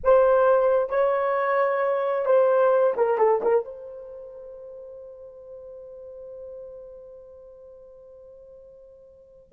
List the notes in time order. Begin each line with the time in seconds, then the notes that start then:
0.03 C5
0.89 C#5
2.25 C5
2.96 A#4
3.18 A4
3.42 A#4
3.64 C5